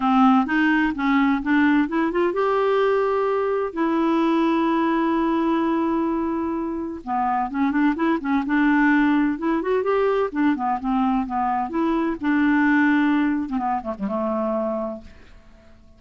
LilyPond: \new Staff \with { instrumentName = "clarinet" } { \time 4/4 \tempo 4 = 128 c'4 dis'4 cis'4 d'4 | e'8 f'8 g'2. | e'1~ | e'2. b4 |
cis'8 d'8 e'8 cis'8 d'2 | e'8 fis'8 g'4 d'8 b8 c'4 | b4 e'4 d'2~ | d'8. c'16 b8 a16 g16 a2 | }